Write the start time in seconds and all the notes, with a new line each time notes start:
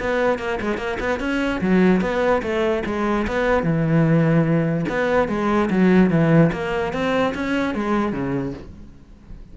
0.00 B3
0.39 A#3
0.61 G#3
0.78 A#3
1.00 B3
1.20 C#4
1.61 F#3
2.01 B3
2.42 A3
2.86 G#3
3.28 B3
3.63 E3
4.89 B3
5.29 G#3
5.70 F#3
6.10 E3
6.53 A#3
6.93 C4
7.35 C#4
7.75 G#3
8.13 C#3